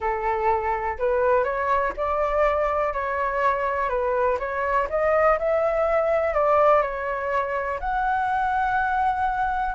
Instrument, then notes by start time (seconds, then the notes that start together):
flute
0.00 A4
0.98 B4
1.44 C#5
1.96 D5
2.93 C#5
3.89 B4
4.39 C#5
4.89 D#5
5.39 E5
6.33 D5
6.82 C#5
7.79 F#5